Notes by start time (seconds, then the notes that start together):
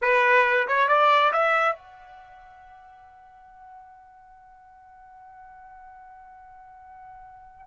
0.01 B4
0.67 C#5
0.88 D5
1.32 E5
1.75 F#5